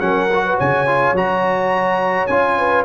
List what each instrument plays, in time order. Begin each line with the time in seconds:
0.00 tuba F#3, trombone C#4, horn A#4, trumpet F#5
0.33 trombone F#4
0.45 horn B4
0.58 tuba C#3, horn C#5, trumpet G#5
0.87 trombone F4
1.12 tuba F#3, trombone F#4, trumpet A#5
2.27 tuba C#4, trombone F4, trumpet G#5
2.57 horn B4